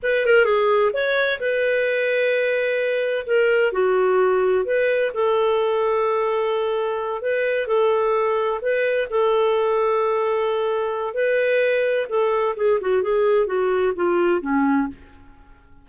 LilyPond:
\new Staff \with { instrumentName = "clarinet" } { \time 4/4 \tempo 4 = 129 b'8 ais'8 gis'4 cis''4 b'4~ | b'2. ais'4 | fis'2 b'4 a'4~ | a'2.~ a'8 b'8~ |
b'8 a'2 b'4 a'8~ | a'1 | b'2 a'4 gis'8 fis'8 | gis'4 fis'4 f'4 cis'4 | }